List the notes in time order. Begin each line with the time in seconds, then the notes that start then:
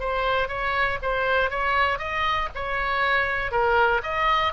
0.00 C5
0.48 C#5
1.02 C5
1.50 C#5
1.99 D#5
2.55 C#5
3.52 A#4
4.03 D#5